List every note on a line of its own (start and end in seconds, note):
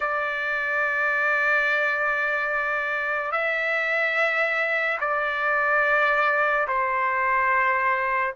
0.00 3.31 D5
3.31 4.98 E5
5.00 6.67 D5
6.67 8.34 C5